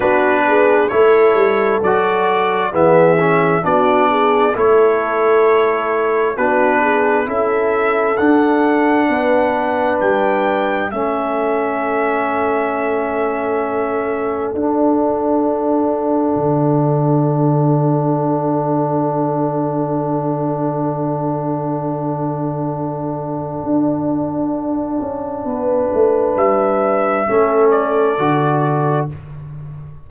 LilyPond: <<
  \new Staff \with { instrumentName = "trumpet" } { \time 4/4 \tempo 4 = 66 b'4 cis''4 d''4 e''4 | d''4 cis''2 b'4 | e''4 fis''2 g''4 | e''1 |
fis''1~ | fis''1~ | fis''1~ | fis''4 e''4. d''4. | }
  \new Staff \with { instrumentName = "horn" } { \time 4/4 fis'8 gis'8 a'2 gis'4 | fis'8 gis'8 a'2 fis'8 gis'8 | a'2 b'2 | a'1~ |
a'1~ | a'1~ | a'1 | b'2 a'2 | }
  \new Staff \with { instrumentName = "trombone" } { \time 4/4 d'4 e'4 fis'4 b8 cis'8 | d'4 e'2 d'4 | e'4 d'2. | cis'1 |
d'1~ | d'1~ | d'1~ | d'2 cis'4 fis'4 | }
  \new Staff \with { instrumentName = "tuba" } { \time 4/4 b4 a8 g8 fis4 e4 | b4 a2 b4 | cis'4 d'4 b4 g4 | a1 |
d'2 d2~ | d1~ | d2 d'4. cis'8 | b8 a8 g4 a4 d4 | }
>>